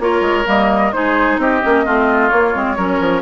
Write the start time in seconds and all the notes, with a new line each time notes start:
0.00 A#3 F4 A#4 C#5
0.21 G#3
0.46 G3 A#3 D#5
0.93 G#3 D#4 G#4 C5
1.38 C4 G4 D#5
1.62 A#3 C#4
1.85 A3 C4 F4
2.29 A#3 C#5
2.54 G#3 C4
2.77 F#3 C#4 A#4
3.00 F3